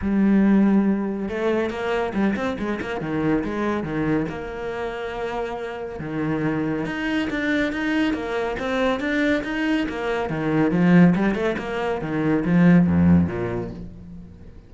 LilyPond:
\new Staff \with { instrumentName = "cello" } { \time 4/4 \tempo 4 = 140 g2. a4 | ais4 g8 c'8 gis8 ais8 dis4 | gis4 dis4 ais2~ | ais2 dis2 |
dis'4 d'4 dis'4 ais4 | c'4 d'4 dis'4 ais4 | dis4 f4 g8 a8 ais4 | dis4 f4 f,4 ais,4 | }